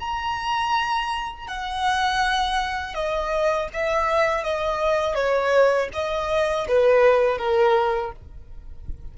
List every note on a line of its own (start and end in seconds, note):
0.00 1.48 A#5
1.48 2.95 F#5
2.95 3.69 D#5
3.74 4.44 E5
4.44 5.15 D#5
5.15 5.89 C#5
5.93 6.67 D#5
6.68 7.38 B4
7.38 8.12 A#4